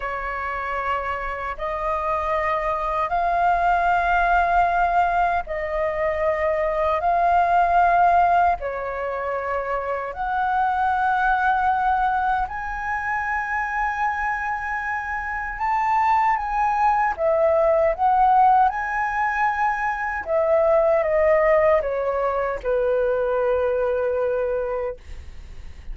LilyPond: \new Staff \with { instrumentName = "flute" } { \time 4/4 \tempo 4 = 77 cis''2 dis''2 | f''2. dis''4~ | dis''4 f''2 cis''4~ | cis''4 fis''2. |
gis''1 | a''4 gis''4 e''4 fis''4 | gis''2 e''4 dis''4 | cis''4 b'2. | }